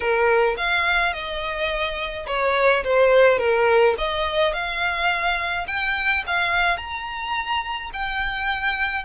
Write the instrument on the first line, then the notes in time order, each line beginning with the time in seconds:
violin
0.00 A#4
0.57 F5
1.13 D#5
2.26 C#5
2.84 C5
3.38 A#4
3.98 D#5
4.53 F5
5.67 G5
6.27 F5
6.77 A#5
7.93 G5